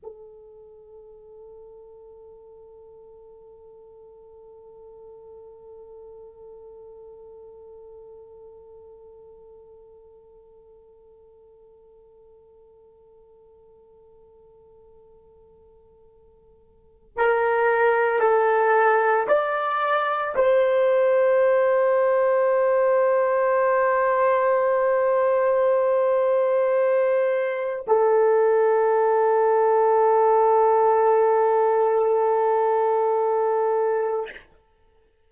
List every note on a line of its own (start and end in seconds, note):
0.02 17.16 A4
17.16 18.19 A#4
18.19 19.26 A4
19.28 20.35 D5
20.35 27.85 C5
27.87 34.30 A4